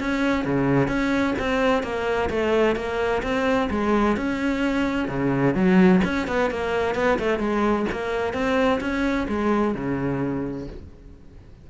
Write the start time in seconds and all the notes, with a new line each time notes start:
0.00 C#4
0.45 C#3
0.88 C#4
1.39 C4
1.83 A#3
2.30 A3
2.76 A#3
3.23 C4
3.70 G#3
4.17 C#4
5.08 C#3
5.55 F#3
6.04 C#4
6.28 B3
6.51 A#3
6.96 B3
7.19 A3
7.40 G#3
7.92 A#3
8.34 C4
8.81 C#4
9.28 G#3
9.75 C#3